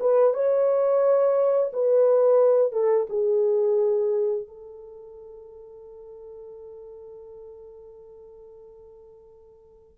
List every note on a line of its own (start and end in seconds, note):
0.00 0.34 B4
0.34 1.72 C#5
1.73 2.72 B4
2.72 3.07 A4
3.09 4.47 G#4
4.47 9.98 A4